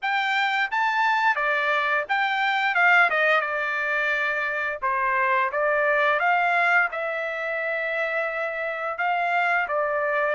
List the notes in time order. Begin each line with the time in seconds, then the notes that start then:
0.02 G5
0.71 A5
1.35 D5
2.08 G5
2.75 F5
3.10 D#5
3.40 D5
4.82 C5
5.52 D5
6.19 F5
6.91 E5
8.98 F5
9.67 D5